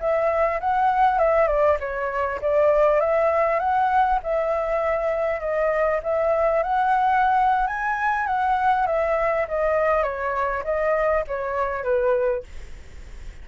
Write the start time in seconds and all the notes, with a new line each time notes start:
0.00 E5
0.60 F#5
1.19 E5
1.48 D5
1.80 C#5
2.42 D5
3.01 E5
3.59 F#5
4.23 E5
5.40 D#5
6.03 E5
6.63 F#5
7.67 G#5
8.27 F#5
8.87 E5
9.48 D#5
10.03 C#5
10.64 D#5
11.27 C#5
11.84 B4